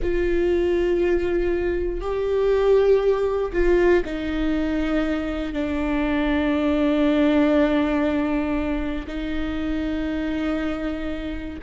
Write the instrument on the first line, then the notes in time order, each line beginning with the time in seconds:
viola
0.02 F4
2.00 G4
3.52 F4
4.05 D#4
5.53 D4
9.07 D#4